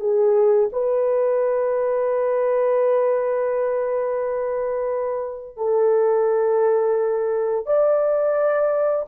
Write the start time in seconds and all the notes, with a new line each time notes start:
0.00 G#4
0.73 B4
5.57 A4
7.66 D5